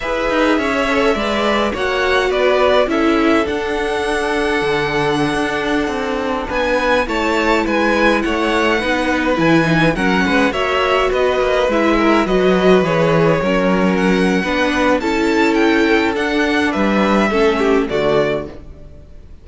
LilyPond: <<
  \new Staff \with { instrumentName = "violin" } { \time 4/4 \tempo 4 = 104 e''2. fis''4 | d''4 e''4 fis''2~ | fis''2.~ fis''16 gis''8.~ | gis''16 a''4 gis''4 fis''4.~ fis''16~ |
fis''16 gis''4 fis''4 e''4 dis''8.~ | dis''16 e''4 dis''4 cis''4.~ cis''16~ | cis''16 fis''4.~ fis''16 a''4 g''4 | fis''4 e''2 d''4 | }
  \new Staff \with { instrumentName = "violin" } { \time 4/4 b'4 cis''4 d''4 cis''4 | b'4 a'2.~ | a'2.~ a'16 b'8.~ | b'16 cis''4 b'4 cis''4 b'8.~ |
b'4~ b'16 ais'8 b'8 cis''4 b'8.~ | b'8. ais'8 b'2 ais'8.~ | ais'4 b'4 a'2~ | a'4 b'4 a'8 g'8 fis'4 | }
  \new Staff \with { instrumentName = "viola" } { \time 4/4 gis'4. a'8 b'4 fis'4~ | fis'4 e'4 d'2~ | d'1~ | d'16 e'2. dis'8.~ |
dis'16 e'8 dis'8 cis'4 fis'4.~ fis'16~ | fis'16 e'4 fis'4 gis'4 cis'8.~ | cis'4 d'4 e'2 | d'2 cis'4 a4 | }
  \new Staff \with { instrumentName = "cello" } { \time 4/4 e'8 dis'8 cis'4 gis4 ais4 | b4 cis'4 d'2 | d4~ d16 d'4 c'4 b8.~ | b16 a4 gis4 a4 b8.~ |
b16 e4 fis8 gis8 ais4 b8 ais16~ | ais16 gis4 fis4 e4 fis8.~ | fis4 b4 cis'2 | d'4 g4 a4 d4 | }
>>